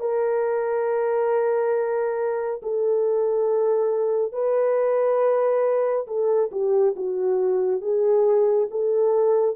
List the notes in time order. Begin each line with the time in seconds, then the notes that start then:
0.00 A#4
2.62 A4
4.32 B4
6.07 A4
6.51 G4
6.96 F#4
7.81 G#4
8.71 A4